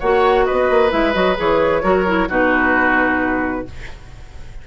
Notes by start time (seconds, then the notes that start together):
0.00 A#3 F#4 C#5 F#5
0.46 B4 D#5
0.52 B3
0.70 A#3
0.90 G#3 E4 E5
1.14 F#3 F#4 D#5
1.37 E3 G#4 C#5
1.82 F#3 F#4 A#4
2.07 E4
2.29 B2 D#4 F#4 B4